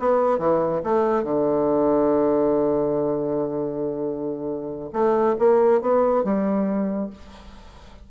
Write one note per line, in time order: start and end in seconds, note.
0.00 0.39 B3
0.39 0.82 E3
0.84 1.24 A3
1.24 4.91 D3
4.93 5.36 A3
5.39 5.82 A#3
5.82 6.24 B3
6.24 7.10 G3